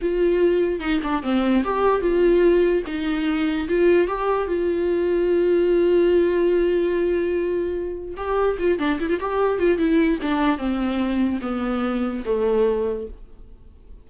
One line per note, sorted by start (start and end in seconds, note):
0.01 0.79 F4
0.79 1.00 D#4
1.03 1.22 D4
1.22 1.63 C4
1.63 2.01 G4
2.01 2.82 F4
2.86 3.68 D#4
3.68 4.07 F4
4.07 4.47 G4
4.47 8.14 F4
8.17 8.57 G4
8.58 8.78 F4
8.78 8.99 D4
9.00 9.09 E4
9.09 9.19 F4
9.20 9.58 G4
9.58 9.78 F4
9.78 10.18 E4
10.22 10.58 D4
10.58 11.39 C4
11.41 12.23 B3
12.25 13.06 A3